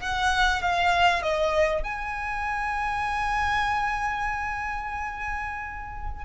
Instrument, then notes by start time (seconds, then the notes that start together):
violin
0.00 F#5
0.62 F5
1.22 D#5
1.83 G#5